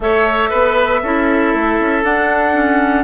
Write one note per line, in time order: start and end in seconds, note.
0.00 0.50 A3
0.00 1.03 A4
0.00 0.49 C#5
0.00 2.04 E5
0.49 1.02 B3
0.49 1.00 B4
1.02 1.53 C#4
1.02 2.03 E4
1.02 3.03 A4
1.53 1.79 A3
1.79 2.03 C#4
2.03 2.54 D4
2.03 3.03 D4
2.03 3.03 F#5
2.54 3.03 C#4